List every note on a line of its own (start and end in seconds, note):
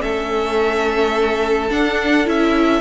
0.00 1.71 A3
0.00 1.68 C#4
0.00 2.80 A4
0.00 1.69 E5
1.69 2.25 D4
1.69 2.27 D4
1.69 2.27 F#5
2.25 2.80 C#4
2.25 2.80 E4
2.25 2.80 E5